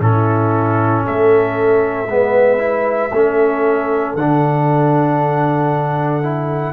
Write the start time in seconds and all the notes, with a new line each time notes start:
0.00 A2 C#4 E4 A4
1.05 A3 A4 E5
2.07 G#3 B3 B4
2.58 E4
3.12 A3 C#4 A4
4.15 D3 D4 F#5
6.23 E4